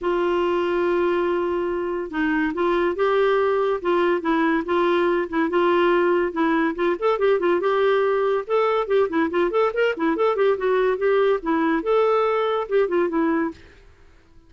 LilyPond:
\new Staff \with { instrumentName = "clarinet" } { \time 4/4 \tempo 4 = 142 f'1~ | f'4 dis'4 f'4 g'4~ | g'4 f'4 e'4 f'4~ | f'8 e'8 f'2 e'4 |
f'8 a'8 g'8 f'8 g'2 | a'4 g'8 e'8 f'8 a'8 ais'8 e'8 | a'8 g'8 fis'4 g'4 e'4 | a'2 g'8 f'8 e'4 | }